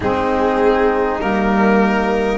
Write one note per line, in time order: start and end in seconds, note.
0.00 1.18 G#3
0.00 1.19 C4
0.00 2.38 D#4
0.00 1.21 G#4
1.19 2.38 G3
1.19 2.38 A#3
1.19 2.38 A#4